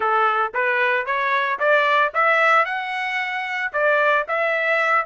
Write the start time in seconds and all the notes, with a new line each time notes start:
0.00 A4
0.54 B4
1.05 C#5
1.59 D5
2.14 E5
2.65 F#5
3.72 D5
4.28 E5